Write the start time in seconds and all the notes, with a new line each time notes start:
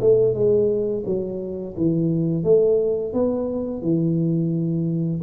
0.00 A3
0.34 G#3
1.05 F#3
1.76 E3
2.43 A3
3.13 B3
3.82 E3